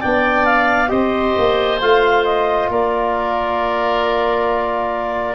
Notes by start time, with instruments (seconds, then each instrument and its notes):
0.00 tuba B3, trombone D4, oboe D5, clarinet G5
0.45 clarinet F5
0.88 tuba C4, trombone G4, oboe C5, clarinet D#5
1.38 tuba A#3
1.81 tuba A3, trombone F4, clarinet F5
2.25 clarinet D#5
2.69 tuba A#3, oboe A#4, clarinet D5